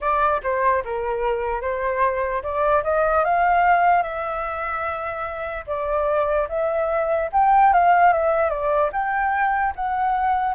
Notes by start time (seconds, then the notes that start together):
0.00 D5
0.43 C5
0.84 A#4
1.61 C5
2.43 D5
2.83 D#5
3.24 F5
4.02 E5
5.66 D5
6.49 E5
7.32 G5
7.73 F5
8.13 E5
8.49 D5
8.92 G5
9.75 F#5